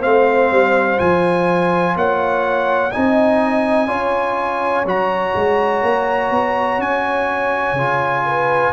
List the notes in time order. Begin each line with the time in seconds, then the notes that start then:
0.00 A3 C4 C5 F5
0.51 G3
0.97 F3 F4 G#5
1.96 A#3 C#5 F#5
2.92 C4 D#4 D#5 G#5
3.88 C#4 F4 C#5
4.85 F#3 F#4 A#5
5.35 G#3
5.83 A#3
6.31 B3
6.79 C#4 G#5
7.73 C#3 F4
8.26 B4